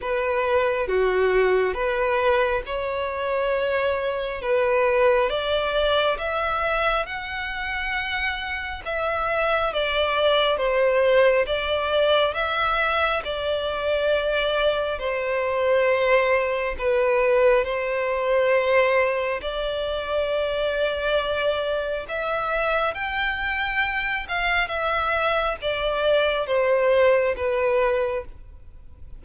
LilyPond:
\new Staff \with { instrumentName = "violin" } { \time 4/4 \tempo 4 = 68 b'4 fis'4 b'4 cis''4~ | cis''4 b'4 d''4 e''4 | fis''2 e''4 d''4 | c''4 d''4 e''4 d''4~ |
d''4 c''2 b'4 | c''2 d''2~ | d''4 e''4 g''4. f''8 | e''4 d''4 c''4 b'4 | }